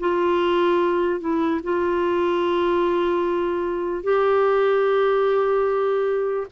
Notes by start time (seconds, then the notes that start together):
0.00 F4
1.21 E4
1.64 F4
4.04 G4